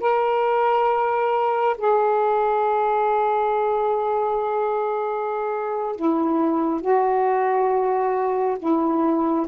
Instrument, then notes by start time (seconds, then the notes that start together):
saxophone
0.00 A#4
1.78 G#4
5.96 E4
6.81 F#4
8.59 E4